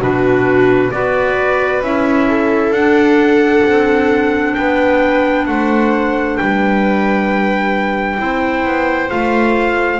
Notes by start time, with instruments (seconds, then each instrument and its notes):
0.00 double bass B2, clarinet D4, viola F#4, trumpet B4
0.91 double bass B3, clarinet F#4, viola B4, trumpet D5
1.81 double bass C#4, clarinet E4, trumpet E5
2.28 viola A4
2.71 double bass D4, trumpet F#5
2.77 clarinet D4
3.65 double bass C4
4.55 double bass B3, viola B4, trumpet G5
5.46 double bass A3, viola C5, trumpet F#5
6.37 double bass G3, viola B4, trumpet G5
8.18 double bass C4, clarinet E4, viola C5
8.65 double bass B3
9.09 double bass A3, clarinet F4, trumpet F5